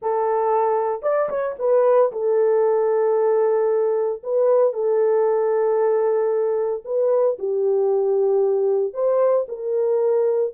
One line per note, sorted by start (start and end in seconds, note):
0.01 1.02 A4
1.02 1.28 D5
1.29 1.55 C#5
1.58 2.11 B4
2.11 4.22 A4
4.23 4.73 B4
4.73 6.83 A4
6.84 7.37 B4
7.38 8.93 G4
8.93 9.46 C5
9.48 10.53 A#4